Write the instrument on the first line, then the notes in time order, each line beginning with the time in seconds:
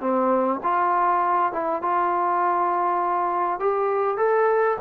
trombone
0.00 C4
0.63 F4
1.52 E4
1.82 F4
3.59 G4
4.17 A4